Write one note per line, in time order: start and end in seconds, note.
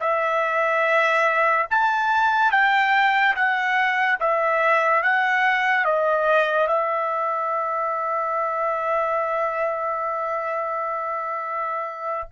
0.00 1.67 E5
1.70 2.52 A5
2.52 3.35 G5
3.36 4.19 F#5
4.20 5.03 E5
5.03 5.85 F#5
5.85 6.67 D#5
6.67 12.30 E5